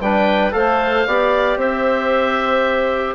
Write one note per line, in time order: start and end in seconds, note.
0.00 0.53 G3
0.00 0.51 D4
0.00 0.54 B4
0.00 0.52 G5
0.51 1.06 A3
0.51 1.04 A4
0.51 1.07 C5
0.51 1.58 F5
1.06 1.56 B3
1.06 3.14 G4
1.06 1.58 D5
1.56 3.14 C4
1.56 3.14 C5
1.56 3.14 E5